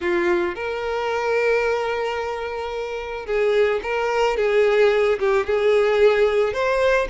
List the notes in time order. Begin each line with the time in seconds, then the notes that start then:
0.00 F4
0.55 A#4
3.26 G#4
3.83 A#4
4.36 G#4
5.19 G4
5.46 G#4
6.53 C5